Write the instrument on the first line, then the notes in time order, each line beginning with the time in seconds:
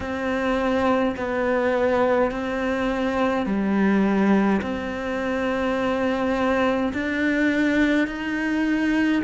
cello
0.00 C4
1.16 B3
2.31 C4
3.46 G3
4.61 C4
6.93 D4
8.07 D#4